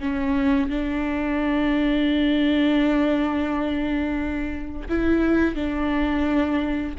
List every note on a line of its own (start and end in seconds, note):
0.00 0.70 C#4
0.70 4.88 D4
4.89 5.55 E4
5.55 6.95 D4